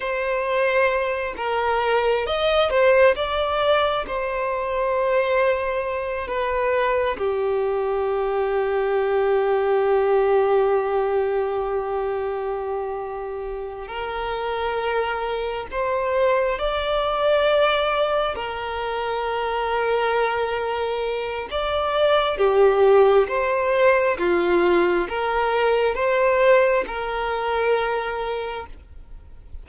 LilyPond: \new Staff \with { instrumentName = "violin" } { \time 4/4 \tempo 4 = 67 c''4. ais'4 dis''8 c''8 d''8~ | d''8 c''2~ c''8 b'4 | g'1~ | g'2.~ g'8 ais'8~ |
ais'4. c''4 d''4.~ | d''8 ais'2.~ ais'8 | d''4 g'4 c''4 f'4 | ais'4 c''4 ais'2 | }